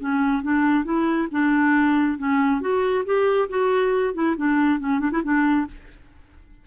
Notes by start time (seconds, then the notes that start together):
0.00 C#4
0.43 D4
0.85 E4
1.32 D4
2.18 C#4
2.61 F#4
3.06 G4
3.50 F#4
4.15 E4
4.37 D4
4.80 C#4
5.00 D4
5.12 E4
5.24 D4